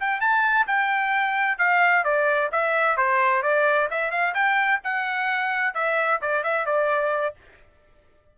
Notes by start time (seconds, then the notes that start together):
0.00 G5
0.21 A5
0.67 G5
1.58 F5
2.04 D5
2.52 E5
2.97 C5
3.43 D5
3.91 E5
4.11 F5
4.34 G5
4.84 F#5
5.74 E5
6.21 D5
6.44 E5
6.66 D5